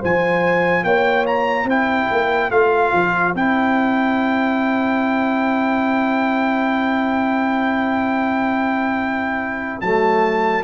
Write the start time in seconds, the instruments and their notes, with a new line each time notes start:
0.00 tuba F3, trombone F4, horn C5, trumpet G#5
0.84 tuba A#3, horn C#5, trumpet G5
1.26 trumpet A#5
1.64 tuba C4, trombone E4, horn C5, trumpet G5
2.11 tuba A#3
2.50 tuba A3, trombone F4, trumpet F5
2.93 tuba F3
3.34 tuba C4, trombone E4, trumpet G5
9.81 tuba F#3, trombone A3, trumpet A5